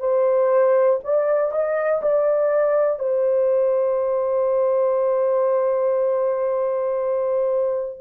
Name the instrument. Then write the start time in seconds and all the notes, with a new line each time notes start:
horn
0.00 C5
1.04 D5
1.52 D#5
2.02 D5
3.00 C5